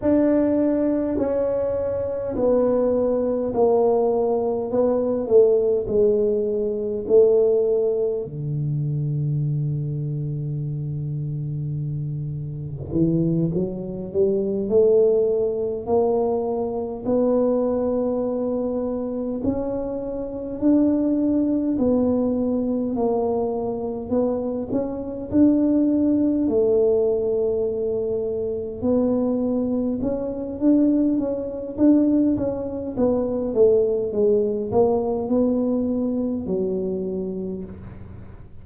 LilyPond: \new Staff \with { instrumentName = "tuba" } { \time 4/4 \tempo 4 = 51 d'4 cis'4 b4 ais4 | b8 a8 gis4 a4 d4~ | d2. e8 fis8 | g8 a4 ais4 b4.~ |
b8 cis'4 d'4 b4 ais8~ | ais8 b8 cis'8 d'4 a4.~ | a8 b4 cis'8 d'8 cis'8 d'8 cis'8 | b8 a8 gis8 ais8 b4 fis4 | }